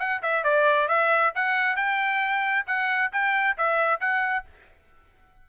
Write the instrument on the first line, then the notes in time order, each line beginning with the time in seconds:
trumpet
0.00 F#5
0.23 E5
0.44 D5
0.89 E5
1.35 F#5
1.77 G5
2.67 F#5
3.13 G5
3.58 E5
4.01 F#5